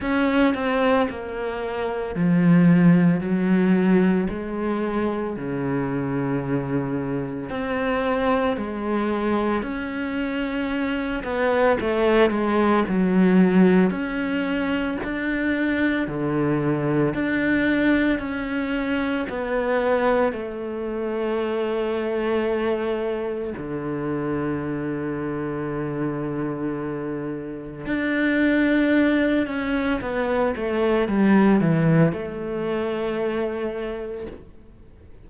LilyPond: \new Staff \with { instrumentName = "cello" } { \time 4/4 \tempo 4 = 56 cis'8 c'8 ais4 f4 fis4 | gis4 cis2 c'4 | gis4 cis'4. b8 a8 gis8 | fis4 cis'4 d'4 d4 |
d'4 cis'4 b4 a4~ | a2 d2~ | d2 d'4. cis'8 | b8 a8 g8 e8 a2 | }